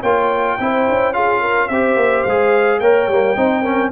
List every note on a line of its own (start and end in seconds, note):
0.00 0.58 A#3
0.00 0.60 F4
0.00 0.56 C#5
0.00 1.14 G5
0.60 0.88 C4
0.60 1.14 E4
0.60 1.15 C5
0.89 1.70 C#4
1.14 1.70 F4
1.14 1.41 G#4
1.14 1.69 F5
1.41 1.69 A#4
1.69 1.96 C4
1.69 2.29 G4
1.69 2.81 C5
1.69 2.24 E5
1.96 2.24 A#3
2.24 2.80 G#3
2.24 2.83 G#4
2.24 2.80 F5
2.80 3.08 A#3
2.80 3.11 A#4
2.80 3.36 C#5
2.80 3.91 G5
3.08 3.36 G3
3.08 3.36 A#3
3.36 3.92 C4
3.36 3.64 D#4
3.36 3.63 C5
3.63 3.92 C#4
3.63 3.91 A#4